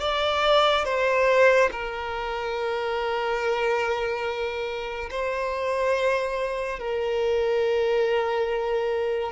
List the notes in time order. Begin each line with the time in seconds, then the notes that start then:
0.00 D5
0.85 C5
1.71 A#4
5.10 C5
6.79 A#4